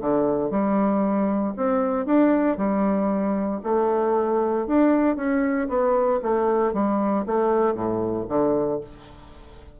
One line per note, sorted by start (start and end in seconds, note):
0.00 0.50 D3
0.50 1.54 G3
1.56 2.05 C4
2.05 2.57 D4
2.57 3.61 G3
3.63 4.66 A3
4.67 5.16 D4
5.16 5.68 C#4
5.68 6.20 B3
6.22 6.73 A3
6.73 7.25 G3
7.26 7.74 A3
7.74 8.26 A2
8.28 8.80 D3